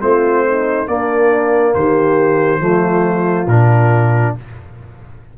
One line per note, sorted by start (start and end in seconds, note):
0.00 0.88 A3
0.00 0.87 C4
0.00 0.46 F4
0.00 0.88 C5
0.46 0.88 D#4
0.87 2.60 A#3
0.87 1.75 A#3
0.87 1.75 D4
0.87 1.74 D5
1.74 2.60 D#3
1.74 2.62 G4
1.74 3.48 C5
2.60 3.47 F3
2.60 3.47 A3
2.60 4.36 F4
3.47 4.34 A#2
3.47 4.38 D4
3.47 4.35 A#4